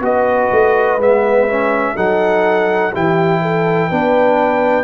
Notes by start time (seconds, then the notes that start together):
0.00 B3 F#4 B4 D#5
0.51 A3
0.97 G#3 B3 E5
1.48 C#4
1.95 F#3 D#4 A4 F#5
2.92 E3 E4 G4 G5
3.41 A4
3.88 B3 D4 B4